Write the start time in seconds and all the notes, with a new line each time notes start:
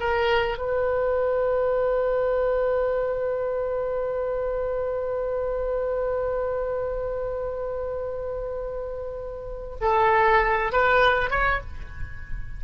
0.00 A#4
0.58 B4
9.81 A4
10.73 B4
11.30 C#5